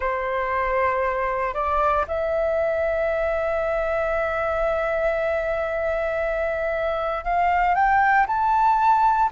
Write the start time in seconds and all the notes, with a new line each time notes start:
0.00 C5
1.54 D5
2.07 E5
7.24 F5
7.74 G5
8.27 A5